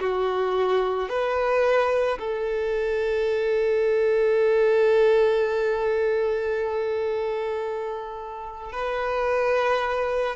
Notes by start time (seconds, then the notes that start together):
0.00 F#4
1.10 B4
2.19 A4
8.73 B4